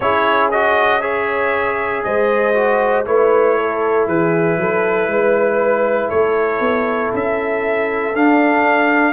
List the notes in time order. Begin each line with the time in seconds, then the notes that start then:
0.00 C#4 E4 G#4 C#5
0.51 F#4 D#5
1.01 G#4 C#5 E5
2.03 G#3 C5 D#5
2.54 F#4
3.05 A3 E4 B4 C#5
3.57 A4
4.07 E3 G#4 B4
4.57 F#3 A4
5.07 G#3 B4
6.08 A3 A4 C#5
6.60 B3
7.13 C#4 E5
8.14 D4 F5